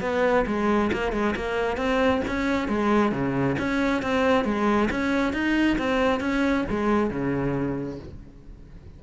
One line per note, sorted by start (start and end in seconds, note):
0.00 0.44 B3
0.46 0.91 G#3
0.92 1.12 A#3
1.12 1.34 G#3
1.35 1.77 A#3
1.77 2.21 C4
2.27 2.68 C#4
2.68 3.11 G#3
3.11 3.56 C#3
3.58 4.02 C#4
4.02 4.44 C4
4.44 4.89 G#3
4.90 5.33 C#4
5.33 5.77 D#4
5.78 6.20 C4
6.20 6.64 C#4
6.69 7.10 G#3
7.10 7.99 C#3